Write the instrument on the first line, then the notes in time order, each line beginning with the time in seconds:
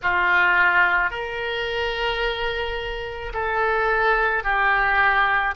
oboe
0.02 F4
1.10 A#4
3.33 A4
4.43 G4